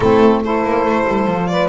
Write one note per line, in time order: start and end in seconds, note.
0.00 0.63 A3
0.00 0.43 C4
0.00 0.43 E4
0.00 0.40 A4
0.43 1.29 E4
0.43 1.51 A4
0.43 1.47 C5
0.64 0.85 A#3
0.85 1.06 A3
1.07 1.26 G3
1.26 1.69 F3
1.26 1.69 F4
1.47 1.69 B4
1.47 1.68 D5